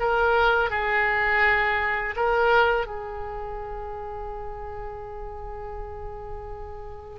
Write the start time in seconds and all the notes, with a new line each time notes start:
0.00 A#4
0.71 G#4
2.17 A#4
2.87 G#4